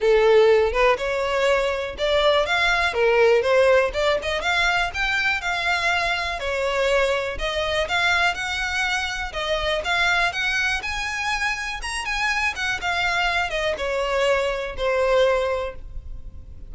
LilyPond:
\new Staff \with { instrumentName = "violin" } { \time 4/4 \tempo 4 = 122 a'4. b'8 cis''2 | d''4 f''4 ais'4 c''4 | d''8 dis''8 f''4 g''4 f''4~ | f''4 cis''2 dis''4 |
f''4 fis''2 dis''4 | f''4 fis''4 gis''2 | ais''8 gis''4 fis''8 f''4. dis''8 | cis''2 c''2 | }